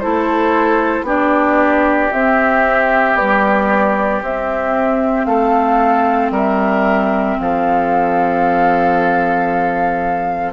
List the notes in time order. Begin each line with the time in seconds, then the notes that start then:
0.00 A3 E4 A4 C5
1.03 B3 D4 G4 D5
2.12 C4 E5
3.15 G3 B3 D5
4.23 C4 E5
5.25 A3 A4 F5
6.31 G3 A#4 E5
7.40 F3 A4 F5